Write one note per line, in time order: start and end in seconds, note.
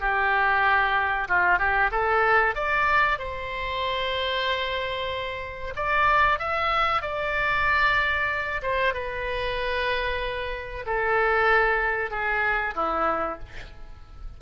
0.00 1.28 G4
1.28 1.58 F4
1.58 1.90 G4
1.91 2.55 A4
2.55 3.19 D5
3.19 5.74 C5
5.76 6.39 D5
6.39 7.02 E5
7.02 8.61 D5
8.62 8.94 C5
8.94 10.85 B4
10.86 12.10 A4
12.10 12.74 G#4
12.75 13.39 E4